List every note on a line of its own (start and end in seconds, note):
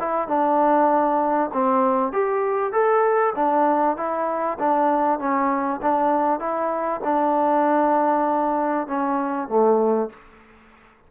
0.00 0.28 E4
0.28 1.51 D4
1.54 2.13 C4
2.13 2.72 G4
2.72 3.34 A4
3.36 3.97 D4
3.97 4.58 E4
4.60 5.19 D4
5.19 5.81 C#4
5.82 6.40 D4
6.40 7.01 E4
7.04 8.87 D4
8.87 9.49 C#4
9.49 10.10 A3